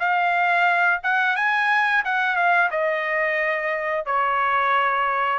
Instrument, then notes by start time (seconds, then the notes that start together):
trumpet
0.00 F5
1.04 F#5
1.36 G#5
2.05 F#5
2.36 F5
2.71 D#5
4.06 C#5